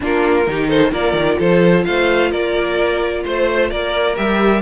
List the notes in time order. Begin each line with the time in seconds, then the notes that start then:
0.00 A#3 D4 F4 A#4
0.47 D#3 D#4 G4
0.68 A4 C5
0.91 A#3 F4 A#4 D5
1.13 D#3
1.38 F3 A4 C5
1.85 A3 C5 F5
2.30 A#3 A#4 D5
3.24 A3 C5
3.70 A#3 A#4 D5
4.16 G3 G4 E5